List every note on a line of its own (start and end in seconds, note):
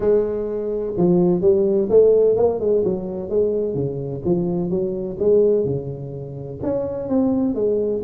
0.00 0.93 G#3
0.97 1.41 F3
1.41 1.88 G3
1.89 2.36 A3
2.36 2.60 A#3
2.60 2.83 G#3
2.84 3.29 F#3
3.29 3.74 G#3
3.74 4.21 C#3
4.24 4.70 F3
4.70 5.17 F#3
5.19 5.65 G#3
5.65 6.59 C#3
6.62 7.08 C#4
7.08 7.54 C4
7.54 8.01 G#3